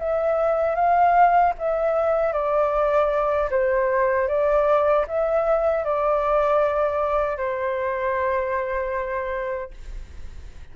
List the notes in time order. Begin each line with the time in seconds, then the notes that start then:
0.00 E5
0.76 F5
1.59 E5
2.33 D5
3.51 C5
4.28 D5
5.08 E5
5.85 D5
7.37 C5